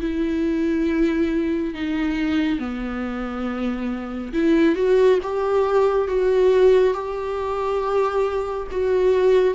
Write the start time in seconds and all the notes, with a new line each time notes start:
0.00 E4
1.74 D#4
2.58 B3
4.33 E4
4.75 F#4
5.22 G4
6.08 F#4
6.93 G4
8.71 F#4